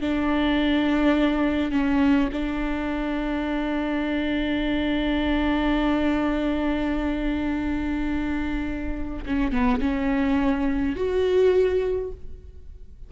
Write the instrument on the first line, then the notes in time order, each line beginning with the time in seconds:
viola
0.00 D4
1.71 C#4
2.32 D4
9.26 C#4
9.51 B3
9.80 C#4
10.96 F#4